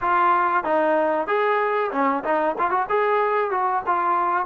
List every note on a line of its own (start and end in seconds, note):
0.01 0.64 F4
0.64 1.27 D#4
1.27 1.91 G#4
1.91 2.23 C#4
2.23 2.55 D#4
2.58 2.70 F4
2.70 2.86 F#4
2.89 3.50 G#4
3.50 3.82 F#4
3.86 4.46 F4